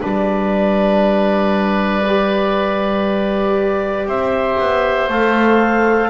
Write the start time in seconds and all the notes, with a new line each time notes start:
0.00 G3 D4 B4 D5
2.07 G4
4.06 C4 C5 E5
4.59 B3
5.08 A3 A4 F5